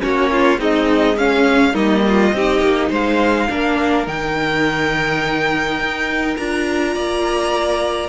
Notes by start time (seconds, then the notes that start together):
0.00 A#3 C#4 F#4 C#5
0.31 F4
0.59 G#3 C4 D#4 D#5
1.17 C#4 F5
1.74 G3 A#3 D#4 D#5
2.08 F4
2.33 C4 D#4 G4
2.62 A#3
2.90 G#3 C5 F5
3.50 A#3 D4 A#4
4.07 D#3 D#4 G5
5.79 D#4
6.37 D4 F4 A#5
6.95 A#3 D5